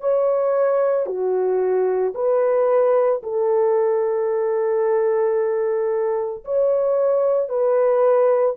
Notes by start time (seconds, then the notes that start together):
0.00 C#5
1.06 F#4
2.14 B4
3.22 A4
6.44 C#5
7.49 B4